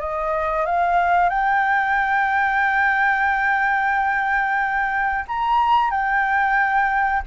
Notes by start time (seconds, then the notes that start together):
0.00 D#5
0.66 F5
1.29 G5
5.28 A#5
5.91 G5